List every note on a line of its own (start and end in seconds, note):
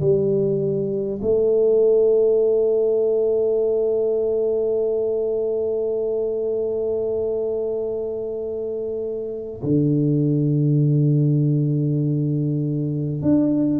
0.00 1.20 G3
1.22 9.62 A3
9.62 13.22 D3
13.22 13.79 D4